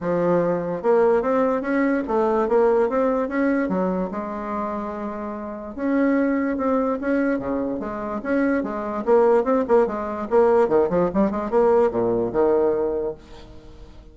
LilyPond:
\new Staff \with { instrumentName = "bassoon" } { \time 4/4 \tempo 4 = 146 f2 ais4 c'4 | cis'4 a4 ais4 c'4 | cis'4 fis4 gis2~ | gis2 cis'2 |
c'4 cis'4 cis4 gis4 | cis'4 gis4 ais4 c'8 ais8 | gis4 ais4 dis8 f8 g8 gis8 | ais4 ais,4 dis2 | }